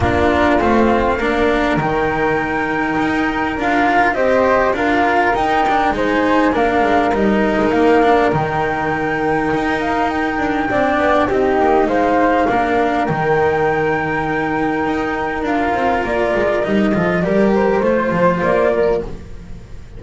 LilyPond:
<<
  \new Staff \with { instrumentName = "flute" } { \time 4/4 \tempo 4 = 101 ais'4 f''2 g''4~ | g''2 f''4 dis''4 | f''4 g''4 gis''4 f''4 | dis''4 f''4 g''2~ |
g''8 f''8 g''2 dis''4 | f''2 g''2~ | g''2 f''4 d''4 | dis''4 d''8 c''4. d''4 | }
  \new Staff \with { instrumentName = "flute" } { \time 4/4 f'2 ais'2~ | ais'2. c''4 | ais'2 c''4 ais'4~ | ais'1~ |
ais'2 d''4 g'4 | c''4 ais'2.~ | ais'1~ | ais'8 a'8 ais'4 c''4. ais'8 | }
  \new Staff \with { instrumentName = "cello" } { \time 4/4 d'4 c'4 d'4 dis'4~ | dis'2 f'4 g'4 | f'4 dis'8 d'8 dis'4 d'4 | dis'4. d'8 dis'2~ |
dis'2 d'4 dis'4~ | dis'4 d'4 dis'2~ | dis'2 f'2 | dis'8 f'8 g'4 f'2 | }
  \new Staff \with { instrumentName = "double bass" } { \time 4/4 ais4 a4 ais4 dis4~ | dis4 dis'4 d'4 c'4 | d'4 dis'4 gis4 ais8 gis8 | g8. gis16 ais4 dis2 |
dis'4. d'8 c'8 b8 c'8 ais8 | gis4 ais4 dis2~ | dis4 dis'4 d'8 c'8 ais8 gis8 | g8 f8 g4 a8 f8 ais4 | }
>>